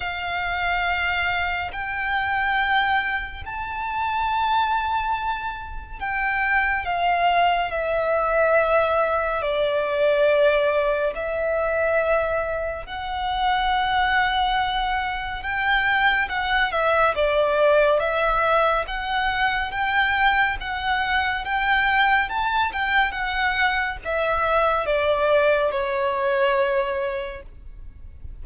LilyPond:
\new Staff \with { instrumentName = "violin" } { \time 4/4 \tempo 4 = 70 f''2 g''2 | a''2. g''4 | f''4 e''2 d''4~ | d''4 e''2 fis''4~ |
fis''2 g''4 fis''8 e''8 | d''4 e''4 fis''4 g''4 | fis''4 g''4 a''8 g''8 fis''4 | e''4 d''4 cis''2 | }